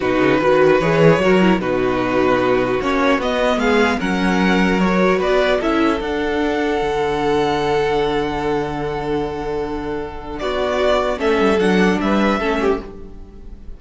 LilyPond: <<
  \new Staff \with { instrumentName = "violin" } { \time 4/4 \tempo 4 = 150 b'2 cis''2 | b'2. cis''4 | dis''4 f''4 fis''2 | cis''4 d''4 e''4 fis''4~ |
fis''1~ | fis''1~ | fis''2 d''2 | e''4 fis''4 e''2 | }
  \new Staff \with { instrumentName = "violin" } { \time 4/4 fis'4 b'2 ais'4 | fis'1~ | fis'4 gis'4 ais'2~ | ais'4 b'4 a'2~ |
a'1~ | a'1~ | a'2 fis'2 | a'2 b'4 a'8 g'8 | }
  \new Staff \with { instrumentName = "viola" } { \time 4/4 dis'4 fis'4 gis'4 fis'8 e'8 | dis'2. cis'4 | b2 cis'2 | fis'2 e'4 d'4~ |
d'1~ | d'1~ | d'1 | cis'4 d'2 cis'4 | }
  \new Staff \with { instrumentName = "cello" } { \time 4/4 b,8 cis8 dis4 e4 fis4 | b,2. ais4 | b4 gis4 fis2~ | fis4 b4 cis'4 d'4~ |
d'4 d2.~ | d1~ | d2 b2 | a8 g8 fis4 g4 a4 | }
>>